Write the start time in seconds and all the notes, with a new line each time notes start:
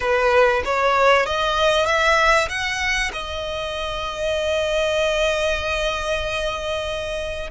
0.00 B4
0.64 C#5
1.26 D#5
1.86 E5
2.48 F#5
3.12 D#5